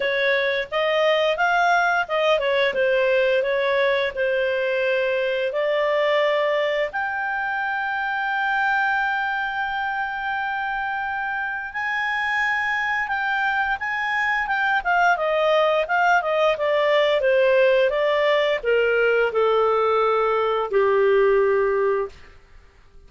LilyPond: \new Staff \with { instrumentName = "clarinet" } { \time 4/4 \tempo 4 = 87 cis''4 dis''4 f''4 dis''8 cis''8 | c''4 cis''4 c''2 | d''2 g''2~ | g''1~ |
g''4 gis''2 g''4 | gis''4 g''8 f''8 dis''4 f''8 dis''8 | d''4 c''4 d''4 ais'4 | a'2 g'2 | }